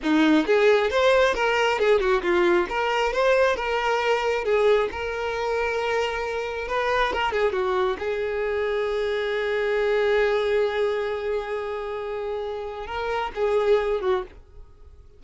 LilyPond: \new Staff \with { instrumentName = "violin" } { \time 4/4 \tempo 4 = 135 dis'4 gis'4 c''4 ais'4 | gis'8 fis'8 f'4 ais'4 c''4 | ais'2 gis'4 ais'4~ | ais'2. b'4 |
ais'8 gis'8 fis'4 gis'2~ | gis'1~ | gis'1~ | gis'4 ais'4 gis'4. fis'8 | }